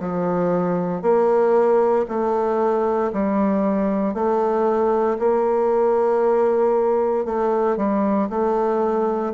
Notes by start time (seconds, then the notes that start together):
0.00 F3
1.03 A#3
2.08 A3
3.13 G3
4.14 A3
5.19 A#3
7.26 A3
7.77 G3
8.30 A3